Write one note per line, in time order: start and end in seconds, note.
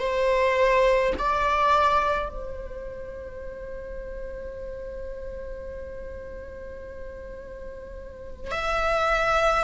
0.00 1.13 C5
1.19 2.30 D5
2.30 8.52 C5
8.52 9.64 E5